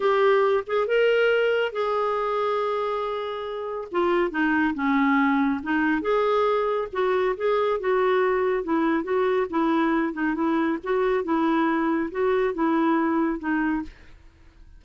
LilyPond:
\new Staff \with { instrumentName = "clarinet" } { \time 4/4 \tempo 4 = 139 g'4. gis'8 ais'2 | gis'1~ | gis'4 f'4 dis'4 cis'4~ | cis'4 dis'4 gis'2 |
fis'4 gis'4 fis'2 | e'4 fis'4 e'4. dis'8 | e'4 fis'4 e'2 | fis'4 e'2 dis'4 | }